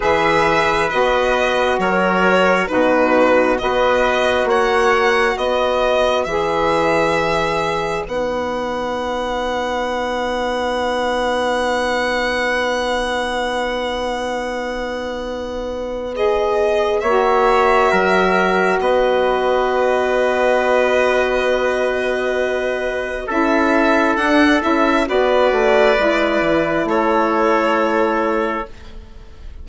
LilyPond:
<<
  \new Staff \with { instrumentName = "violin" } { \time 4/4 \tempo 4 = 67 e''4 dis''4 cis''4 b'4 | dis''4 fis''4 dis''4 e''4~ | e''4 fis''2.~ | fis''1~ |
fis''2 dis''4 e''4~ | e''4 dis''2.~ | dis''2 e''4 fis''8 e''8 | d''2 cis''2 | }
  \new Staff \with { instrumentName = "trumpet" } { \time 4/4 b'2 ais'4 fis'4 | b'4 cis''4 b'2~ | b'1~ | b'1~ |
b'2. cis''4 | ais'4 b'2.~ | b'2 a'2 | b'2 a'2 | }
  \new Staff \with { instrumentName = "saxophone" } { \time 4/4 gis'4 fis'2 dis'4 | fis'2. gis'4~ | gis'4 dis'2.~ | dis'1~ |
dis'2 gis'4 fis'4~ | fis'1~ | fis'2 e'4 d'8 e'8 | fis'4 e'2. | }
  \new Staff \with { instrumentName = "bassoon" } { \time 4/4 e4 b4 fis4 b,4 | b4 ais4 b4 e4~ | e4 b2.~ | b1~ |
b2. ais4 | fis4 b2.~ | b2 cis'4 d'8 cis'8 | b8 a8 gis8 e8 a2 | }
>>